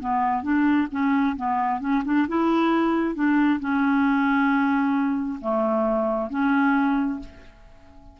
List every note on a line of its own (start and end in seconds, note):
0.00 0.43 B3
0.43 0.88 D4
0.91 1.36 C#4
1.36 1.80 B3
1.80 2.03 C#4
2.05 2.27 D4
2.28 3.15 E4
3.15 3.59 D4
3.60 5.39 C#4
5.41 6.30 A3
6.30 7.20 C#4